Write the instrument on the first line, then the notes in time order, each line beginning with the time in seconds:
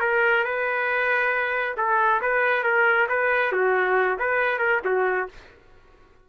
trumpet
0.00 A#4
0.44 B4
1.77 A4
2.21 B4
2.63 A#4
3.08 B4
3.52 F#4
4.19 B4
4.58 A#4
4.85 F#4